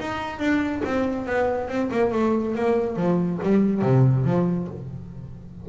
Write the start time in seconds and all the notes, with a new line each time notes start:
0.00 D#4
0.39 D4
0.85 C4
1.26 B3
1.68 C4
1.91 A#3
2.12 A3
2.55 A#3
2.96 F3
3.43 G3
3.82 C3
4.25 F3